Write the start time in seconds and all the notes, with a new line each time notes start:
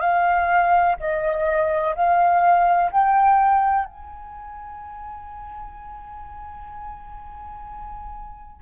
0.00 F5
1.00 D#5
1.95 F5
2.91 G5
3.85 G#5